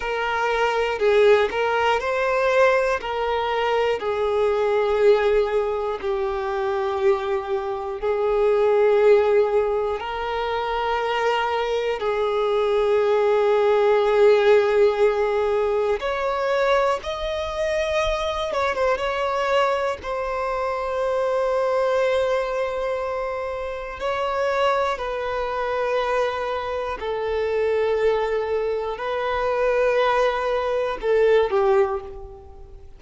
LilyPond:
\new Staff \with { instrumentName = "violin" } { \time 4/4 \tempo 4 = 60 ais'4 gis'8 ais'8 c''4 ais'4 | gis'2 g'2 | gis'2 ais'2 | gis'1 |
cis''4 dis''4. cis''16 c''16 cis''4 | c''1 | cis''4 b'2 a'4~ | a'4 b'2 a'8 g'8 | }